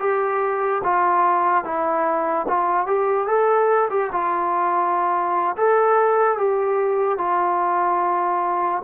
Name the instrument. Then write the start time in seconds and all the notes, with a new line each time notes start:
trombone
0.00 G4
0.84 F4
1.64 E4
2.48 F4
2.87 G4
3.27 A4
3.90 G4
4.12 F4
5.57 A4
6.38 G4
7.18 F4